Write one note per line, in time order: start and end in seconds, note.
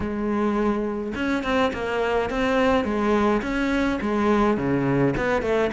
0.00 1.13 G#3
1.15 1.43 C#4
1.43 1.72 C4
1.73 2.30 A#3
2.30 2.84 C4
2.84 3.41 G#3
3.42 3.99 C#4
4.01 4.57 G#3
4.57 5.14 C#3
5.16 5.42 B3
5.42 5.70 A3